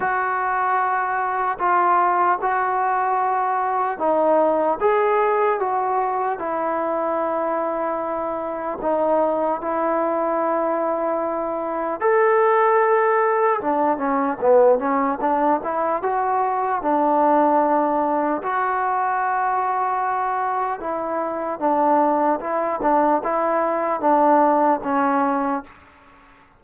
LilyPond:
\new Staff \with { instrumentName = "trombone" } { \time 4/4 \tempo 4 = 75 fis'2 f'4 fis'4~ | fis'4 dis'4 gis'4 fis'4 | e'2. dis'4 | e'2. a'4~ |
a'4 d'8 cis'8 b8 cis'8 d'8 e'8 | fis'4 d'2 fis'4~ | fis'2 e'4 d'4 | e'8 d'8 e'4 d'4 cis'4 | }